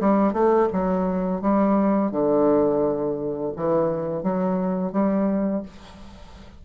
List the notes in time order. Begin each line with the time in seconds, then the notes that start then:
0.00 G3
0.33 A3
0.73 F#3
1.41 G3
2.11 D3
3.56 E3
4.23 F#3
4.92 G3